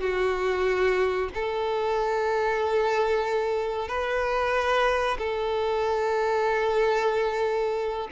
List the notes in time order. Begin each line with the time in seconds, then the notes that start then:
0.00 F#4
1.34 A4
3.88 B4
5.18 A4